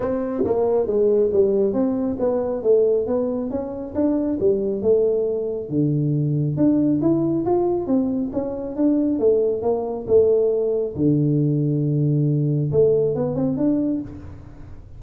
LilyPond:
\new Staff \with { instrumentName = "tuba" } { \time 4/4 \tempo 4 = 137 c'4 ais4 gis4 g4 | c'4 b4 a4 b4 | cis'4 d'4 g4 a4~ | a4 d2 d'4 |
e'4 f'4 c'4 cis'4 | d'4 a4 ais4 a4~ | a4 d2.~ | d4 a4 b8 c'8 d'4 | }